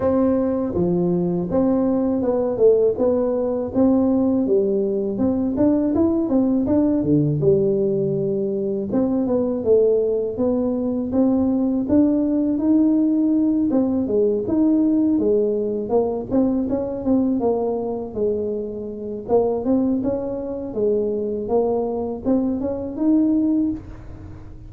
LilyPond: \new Staff \with { instrumentName = "tuba" } { \time 4/4 \tempo 4 = 81 c'4 f4 c'4 b8 a8 | b4 c'4 g4 c'8 d'8 | e'8 c'8 d'8 d8 g2 | c'8 b8 a4 b4 c'4 |
d'4 dis'4. c'8 gis8 dis'8~ | dis'8 gis4 ais8 c'8 cis'8 c'8 ais8~ | ais8 gis4. ais8 c'8 cis'4 | gis4 ais4 c'8 cis'8 dis'4 | }